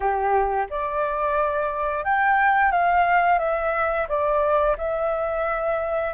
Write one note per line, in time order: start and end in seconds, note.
0.00 0.67 G4
0.69 2.04 D5
2.04 2.71 G5
2.71 3.38 F5
3.38 4.07 E5
4.08 4.76 D5
4.77 6.14 E5